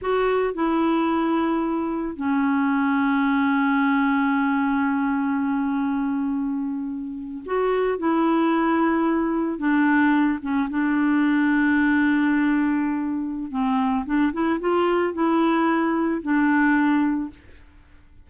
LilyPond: \new Staff \with { instrumentName = "clarinet" } { \time 4/4 \tempo 4 = 111 fis'4 e'2. | cis'1~ | cis'1~ | cis'4.~ cis'16 fis'4 e'4~ e'16~ |
e'4.~ e'16 d'4. cis'8 d'16~ | d'1~ | d'4 c'4 d'8 e'8 f'4 | e'2 d'2 | }